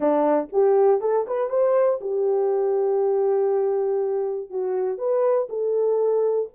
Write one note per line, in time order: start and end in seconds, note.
0.00 0.49 D4
0.52 1.00 G4
1.00 1.25 A4
1.27 1.49 B4
1.49 1.99 C5
2.00 4.50 G4
4.50 4.97 F#4
4.97 5.47 B4
5.49 6.49 A4